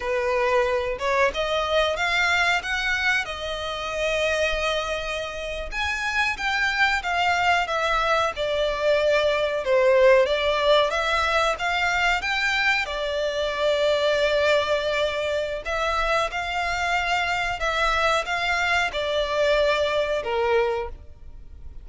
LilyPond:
\new Staff \with { instrumentName = "violin" } { \time 4/4 \tempo 4 = 92 b'4. cis''8 dis''4 f''4 | fis''4 dis''2.~ | dis''8. gis''4 g''4 f''4 e''16~ | e''8. d''2 c''4 d''16~ |
d''8. e''4 f''4 g''4 d''16~ | d''1 | e''4 f''2 e''4 | f''4 d''2 ais'4 | }